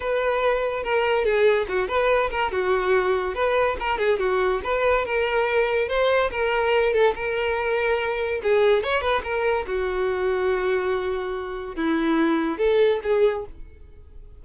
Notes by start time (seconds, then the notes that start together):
0.00 B4
0.83 A#4
1.24 G#4
1.68 F#4
1.87 B4
2.30 A#4
2.51 F#4
3.35 B4
3.79 A#4
3.98 G#4
4.19 F#4
4.63 B4
5.05 A#4
5.88 C5
6.30 A#4
6.93 A4
7.15 A#4
8.42 G#4
8.83 C#5
9.01 B4
9.23 A#4
9.66 F#4
11.75 E4
12.58 A4
13.03 G#4